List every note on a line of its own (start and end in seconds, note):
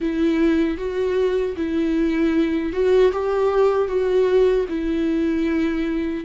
0.00 0.77 E4
0.77 1.55 F#4
1.56 2.73 E4
2.73 3.12 F#4
3.12 3.87 G4
3.87 4.65 F#4
4.69 6.24 E4